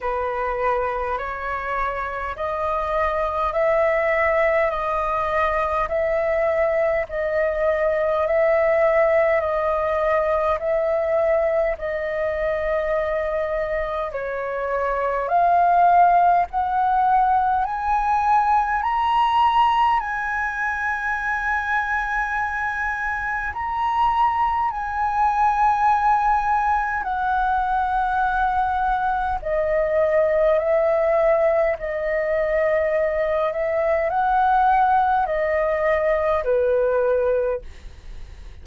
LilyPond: \new Staff \with { instrumentName = "flute" } { \time 4/4 \tempo 4 = 51 b'4 cis''4 dis''4 e''4 | dis''4 e''4 dis''4 e''4 | dis''4 e''4 dis''2 | cis''4 f''4 fis''4 gis''4 |
ais''4 gis''2. | ais''4 gis''2 fis''4~ | fis''4 dis''4 e''4 dis''4~ | dis''8 e''8 fis''4 dis''4 b'4 | }